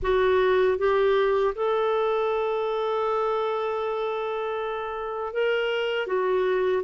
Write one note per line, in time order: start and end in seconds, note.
0.02 0.78 F#4
0.78 1.54 G4
1.55 5.33 A4
5.33 6.06 A#4
6.06 6.82 F#4